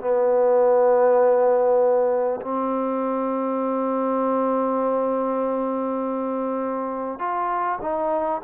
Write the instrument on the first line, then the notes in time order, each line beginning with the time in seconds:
trombone
0.00 B3
2.41 C4
7.18 F4
7.81 D#4